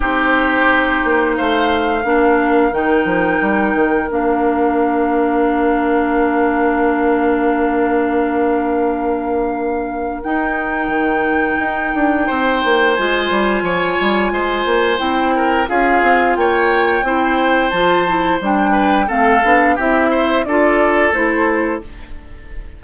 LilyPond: <<
  \new Staff \with { instrumentName = "flute" } { \time 4/4 \tempo 4 = 88 c''2 f''2 | g''2 f''2~ | f''1~ | f''2. g''4~ |
g''2. gis''4~ | gis''2 g''4 f''4 | g''2 a''4 g''4 | f''4 e''4 d''4 c''4 | }
  \new Staff \with { instrumentName = "oboe" } { \time 4/4 g'2 c''4 ais'4~ | ais'1~ | ais'1~ | ais'1~ |
ais'2 c''2 | cis''4 c''4. ais'8 gis'4 | cis''4 c''2~ c''8 b'8 | a'4 g'8 c''8 a'2 | }
  \new Staff \with { instrumentName = "clarinet" } { \time 4/4 dis'2. d'4 | dis'2 d'2~ | d'1~ | d'2. dis'4~ |
dis'2. f'4~ | f'2 e'4 f'4~ | f'4 e'4 f'8 e'8 d'4 | c'8 d'8 e'4 f'4 e'4 | }
  \new Staff \with { instrumentName = "bassoon" } { \time 4/4 c'4. ais8 a4 ais4 | dis8 f8 g8 dis8 ais2~ | ais1~ | ais2. dis'4 |
dis4 dis'8 d'8 c'8 ais8 gis8 g8 | f8 g8 gis8 ais8 c'4 cis'8 c'8 | ais4 c'4 f4 g4 | a8 b8 c'4 d'4 a4 | }
>>